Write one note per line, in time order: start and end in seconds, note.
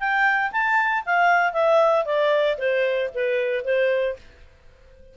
0.00 0.52 G5
0.52 1.05 A5
1.06 1.53 F5
1.53 2.06 E5
2.06 2.58 D5
2.58 3.10 C5
3.15 3.65 B4
3.65 4.17 C5